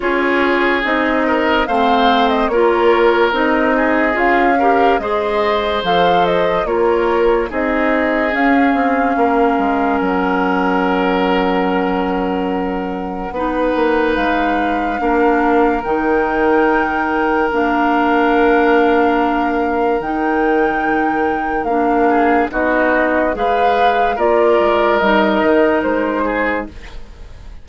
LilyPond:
<<
  \new Staff \with { instrumentName = "flute" } { \time 4/4 \tempo 4 = 72 cis''4 dis''4 f''8. dis''16 cis''4 | dis''4 f''4 dis''4 f''8 dis''8 | cis''4 dis''4 f''2 | fis''1~ |
fis''4 f''2 g''4~ | g''4 f''2. | g''2 f''4 dis''4 | f''4 d''4 dis''4 c''4 | }
  \new Staff \with { instrumentName = "oboe" } { \time 4/4 gis'4. ais'8 c''4 ais'4~ | ais'8 gis'4 ais'8 c''2 | ais'4 gis'2 ais'4~ | ais'1 |
b'2 ais'2~ | ais'1~ | ais'2~ ais'8 gis'8 fis'4 | b'4 ais'2~ ais'8 gis'8 | }
  \new Staff \with { instrumentName = "clarinet" } { \time 4/4 f'4 dis'4 c'4 f'4 | dis'4 f'8 g'8 gis'4 a'4 | f'4 dis'4 cis'2~ | cis'1 |
dis'2 d'4 dis'4~ | dis'4 d'2. | dis'2 d'4 dis'4 | gis'4 f'4 dis'2 | }
  \new Staff \with { instrumentName = "bassoon" } { \time 4/4 cis'4 c'4 a4 ais4 | c'4 cis'4 gis4 f4 | ais4 c'4 cis'8 c'8 ais8 gis8 | fis1 |
b8 ais8 gis4 ais4 dis4~ | dis4 ais2. | dis2 ais4 b4 | gis4 ais8 gis8 g8 dis8 gis4 | }
>>